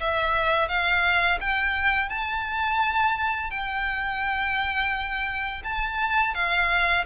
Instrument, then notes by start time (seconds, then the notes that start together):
violin
0.00 E5
0.68 F5
1.40 G5
2.09 A5
3.50 G5
5.64 A5
6.34 F5